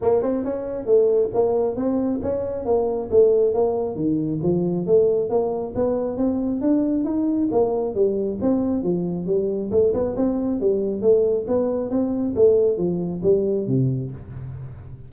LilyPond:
\new Staff \with { instrumentName = "tuba" } { \time 4/4 \tempo 4 = 136 ais8 c'8 cis'4 a4 ais4 | c'4 cis'4 ais4 a4 | ais4 dis4 f4 a4 | ais4 b4 c'4 d'4 |
dis'4 ais4 g4 c'4 | f4 g4 a8 b8 c'4 | g4 a4 b4 c'4 | a4 f4 g4 c4 | }